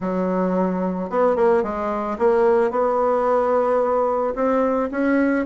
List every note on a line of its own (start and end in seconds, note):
0.00 1.10 F#3
1.10 1.35 B3
1.35 1.63 A#3
1.63 2.17 G#3
2.18 2.70 A#3
2.70 4.34 B3
4.35 4.89 C4
4.91 5.45 C#4